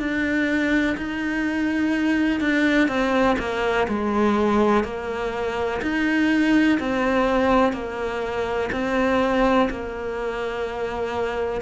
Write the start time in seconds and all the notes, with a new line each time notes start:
0.00 D4
0.98 D#4
2.41 D4
2.88 C4
3.39 A#3
3.88 G#3
4.84 A#3
5.82 D#4
6.80 C4
7.73 A#3
8.72 C4
9.70 A#3